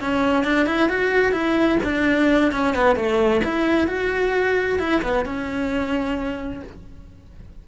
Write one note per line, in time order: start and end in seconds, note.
0.00 0.44 C#4
0.44 0.66 D4
0.66 0.89 E4
0.89 1.32 F#4
1.32 1.78 E4
1.83 2.52 D4
2.52 2.75 C#4
2.75 2.95 B3
2.95 3.41 A3
3.44 3.87 E4
3.87 4.79 F#4
4.79 5.02 E4
5.02 5.25 B3
5.25 6.63 C#4